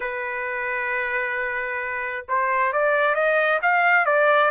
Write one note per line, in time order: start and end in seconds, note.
0.00 2.25 B4
2.28 2.72 C5
2.72 3.14 D5
3.14 3.59 D#5
3.62 4.05 F5
4.05 4.50 D5